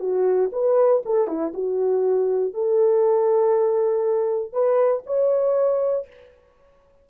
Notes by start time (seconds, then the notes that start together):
0.00 F#4
0.52 B4
1.05 A4
1.28 E4
1.54 F#4
2.54 A4
4.53 B4
5.06 C#5